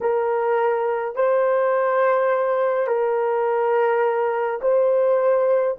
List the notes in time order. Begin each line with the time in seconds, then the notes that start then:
0.00 A#4
1.15 C5
2.87 A#4
4.62 C5